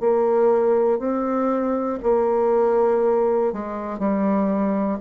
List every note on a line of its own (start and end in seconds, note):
0.00 0.99 A#3
0.99 1.99 C4
2.03 3.53 A#3
3.53 3.99 G#3
3.99 4.99 G3